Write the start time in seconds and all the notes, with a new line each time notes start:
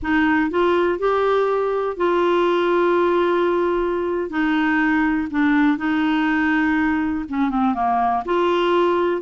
0.02 D#4
0.50 F4
0.98 G4
1.96 F4
4.30 D#4
5.30 D4
5.77 D#4
7.28 C#4
7.50 C4
7.74 A#3
8.25 F4